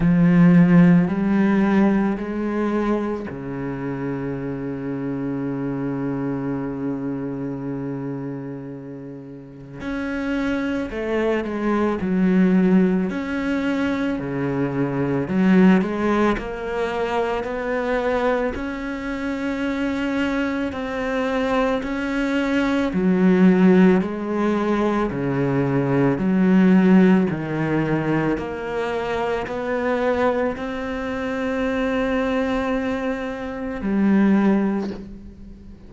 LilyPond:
\new Staff \with { instrumentName = "cello" } { \time 4/4 \tempo 4 = 55 f4 g4 gis4 cis4~ | cis1~ | cis4 cis'4 a8 gis8 fis4 | cis'4 cis4 fis8 gis8 ais4 |
b4 cis'2 c'4 | cis'4 fis4 gis4 cis4 | fis4 dis4 ais4 b4 | c'2. g4 | }